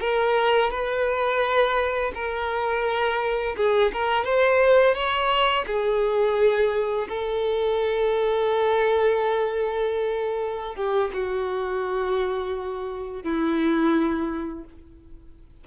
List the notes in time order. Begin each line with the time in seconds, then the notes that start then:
0.00 A#4
0.71 B4
2.15 A#4
3.56 G#4
3.93 A#4
4.24 C5
4.94 C#5
5.66 G#4
7.08 A4
10.75 G4
11.13 F#4
13.23 E4